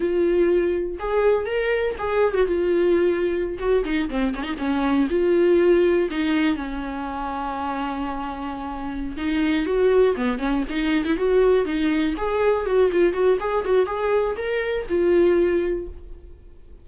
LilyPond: \new Staff \with { instrumentName = "viola" } { \time 4/4 \tempo 4 = 121 f'2 gis'4 ais'4 | gis'8. fis'16 f'2~ f'16 fis'8 dis'16~ | dis'16 c'8 cis'16 dis'16 cis'4 f'4.~ f'16~ | f'16 dis'4 cis'2~ cis'8.~ |
cis'2~ cis'8 dis'4 fis'8~ | fis'8 b8 cis'8 dis'8. e'16 fis'4 dis'8~ | dis'8 gis'4 fis'8 f'8 fis'8 gis'8 fis'8 | gis'4 ais'4 f'2 | }